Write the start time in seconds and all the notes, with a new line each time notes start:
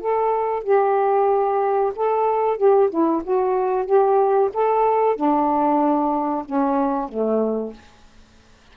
0.00 A4
0.63 G4
1.95 A4
2.57 G4
2.90 E4
3.23 F#4
3.85 G4
4.53 A4
5.16 D4
6.45 C#4
7.08 A3